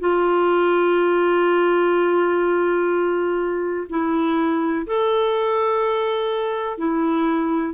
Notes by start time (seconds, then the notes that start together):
0.00 F4
3.90 E4
4.87 A4
6.78 E4